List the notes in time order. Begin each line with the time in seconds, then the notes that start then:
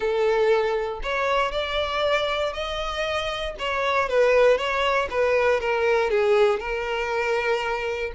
0.00 A4
1.02 C#5
1.51 D5
2.53 D#5
3.58 C#5
4.08 B4
4.57 C#5
5.10 B4
5.60 A#4
6.10 G#4
6.59 A#4